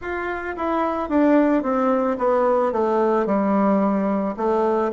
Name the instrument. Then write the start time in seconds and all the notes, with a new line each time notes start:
bassoon
0.01 F4
0.56 E4
1.09 D4
1.62 C4
2.18 B3
2.72 A3
3.26 G3
4.36 A3